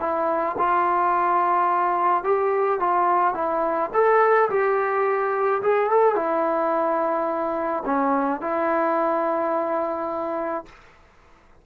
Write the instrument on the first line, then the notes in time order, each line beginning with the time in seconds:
trombone
0.00 E4
0.59 F4
2.24 G4
2.80 F4
3.34 E4
3.94 A4
4.50 G4
5.63 G#4
5.91 A4
6.16 E4
7.86 C#4
8.41 E4